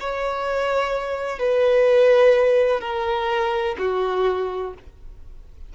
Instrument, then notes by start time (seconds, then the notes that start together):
violin
0.00 C#5
1.39 B4
2.81 A#4
3.79 F#4